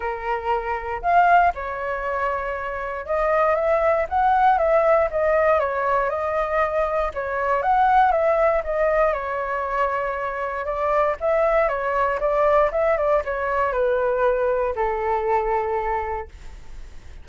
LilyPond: \new Staff \with { instrumentName = "flute" } { \time 4/4 \tempo 4 = 118 ais'2 f''4 cis''4~ | cis''2 dis''4 e''4 | fis''4 e''4 dis''4 cis''4 | dis''2 cis''4 fis''4 |
e''4 dis''4 cis''2~ | cis''4 d''4 e''4 cis''4 | d''4 e''8 d''8 cis''4 b'4~ | b'4 a'2. | }